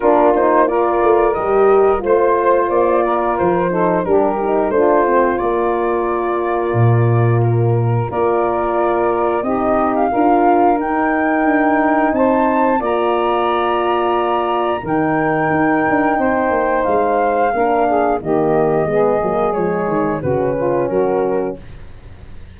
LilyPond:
<<
  \new Staff \with { instrumentName = "flute" } { \time 4/4 \tempo 4 = 89 ais'8 c''8 d''4 dis''4 c''4 | d''4 c''4 ais'4 c''4 | d''2. ais'4 | d''2 dis''8. f''4~ f''16 |
g''2 a''4 ais''4~ | ais''2 g''2~ | g''4 f''2 dis''4~ | dis''4 cis''4 b'4 ais'4 | }
  \new Staff \with { instrumentName = "saxophone" } { \time 4/4 f'4 ais'2 c''4~ | c''8 ais'4 a'8 g'4 f'4~ | f'1 | ais'2 g'4 ais'4~ |
ais'2 c''4 d''4~ | d''2 ais'2 | c''2 ais'8 gis'8 g'4 | gis'2 fis'8 f'8 fis'4 | }
  \new Staff \with { instrumentName = "horn" } { \time 4/4 d'8 dis'8 f'4 g'4 f'4~ | f'4. dis'8 d'8 dis'8 d'8 c'8 | ais1 | f'2 dis'4 f'4 |
dis'2. f'4~ | f'2 dis'2~ | dis'2 d'4 ais4 | b8 ais8 gis4 cis'2 | }
  \new Staff \with { instrumentName = "tuba" } { \time 4/4 ais4. a8 g4 a4 | ais4 f4 g4 a4 | ais2 ais,2 | ais2 c'4 d'4 |
dis'4 d'4 c'4 ais4~ | ais2 dis4 dis'8 d'8 | c'8 ais8 gis4 ais4 dis4 | gis8 fis8 f8 dis8 cis4 fis4 | }
>>